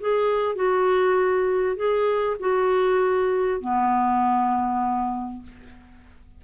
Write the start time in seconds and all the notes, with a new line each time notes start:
0.00 G#4
0.55 F#4
1.76 G#4
2.39 F#4
3.60 B3